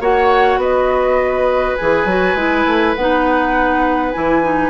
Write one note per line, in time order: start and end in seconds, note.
0.00 0.57 A#3
0.00 1.77 F#4
0.00 0.59 C#5
0.00 0.61 F#5
0.57 1.75 B3
0.57 4.70 B4
0.57 1.75 D#5
1.75 2.05 E3
1.75 2.08 G#4
1.75 2.93 G#5
2.05 2.34 F#3
2.05 2.37 F#4
2.34 2.64 G#3
2.34 2.95 E4
2.66 2.95 A3
2.95 4.14 B3
2.95 4.13 D#4
2.95 4.11 F#5
4.11 4.70 E3
4.11 4.42 E4
4.11 4.70 G#5
4.42 4.70 D#4